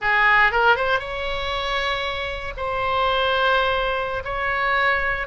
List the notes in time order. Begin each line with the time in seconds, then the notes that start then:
0.01 G#4
0.51 A#4
0.76 C5
0.99 C#5
2.56 C5
4.24 C#5